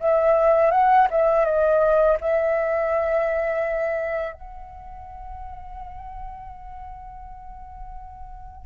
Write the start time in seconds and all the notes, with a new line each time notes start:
0.00 E5
0.72 F#5
1.11 E5
1.45 D#5
2.21 E5
4.33 F#5